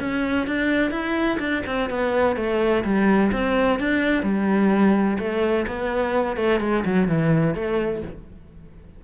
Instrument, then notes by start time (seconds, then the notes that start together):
cello
0.00 C#4
0.47 D4
0.91 E4
1.40 D4
1.66 C4
1.90 B3
2.36 A3
2.84 G3
3.32 C4
3.80 D4
4.23 G3
5.19 A3
5.67 B3
6.37 A3
6.61 G#3
6.85 F#3
7.08 E3
7.55 A3